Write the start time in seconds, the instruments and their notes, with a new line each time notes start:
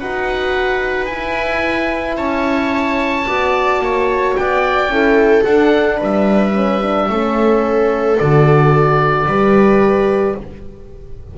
0.00 double bass D#4, horn F#4, viola B4, oboe F#5
1.06 double bass E4, horn E4, oboe G#5
2.17 double bass C#4, viola C#5, oboe A5
3.27 double bass B3, horn F#4, viola D5
3.80 double bass A#3, viola C#5
4.37 double bass B3, viola D5, oboe G5
4.88 double bass C#4, horn E4, viola A4
5.45 horn D4, double bass D4, oboe F#5
5.97 double bass G3, viola B4
6.03 oboe E5
6.54 horn C#4
6.82 horn D4
7.10 double bass A3, horn C#4, viola A4
8.19 double bass D3, horn F#4, oboe D5
9.26 double bass G3, horn G4, viola B4